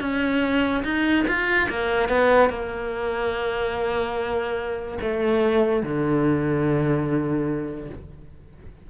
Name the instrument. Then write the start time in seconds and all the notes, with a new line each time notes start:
cello
0.00 C#4
0.84 D#4
1.27 F4
1.69 A#3
2.08 B3
2.49 A#3
5.01 A3
5.82 D3